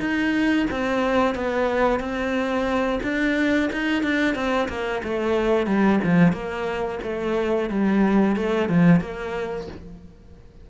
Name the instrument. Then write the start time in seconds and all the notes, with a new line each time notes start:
cello
0.00 D#4
0.71 C4
1.35 B3
2.00 C4
3.03 D4
3.73 D#4
4.03 D4
4.35 C4
4.69 A#3
5.04 A3
5.67 G3
6.04 F3
6.33 A#3
7.04 A3
7.70 G3
8.36 A3
8.69 F3
9.01 A#3